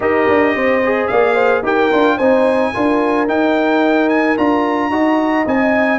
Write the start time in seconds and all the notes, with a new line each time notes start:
0.00 D#4 G4 A#4 D#5
0.28 D4
0.55 C4 C5
0.84 G#4
1.07 A#3 D5 F5
1.34 C5
1.62 D#4 G4 A#4 G5
1.91 D4 F4
2.16 C4 D#4 C5 G#5
2.73 D4 F4 A#4
3.27 D#4 G5
4.09 G#5
4.36 D4 F4 A#5
4.90 D#4 F#4 D#5
5.45 C4 D#4 G#5